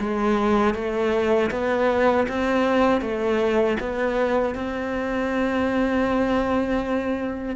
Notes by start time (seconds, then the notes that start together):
0.00 G#3
0.75 A3
1.51 B3
2.29 C4
3.02 A3
3.80 B3
4.55 C4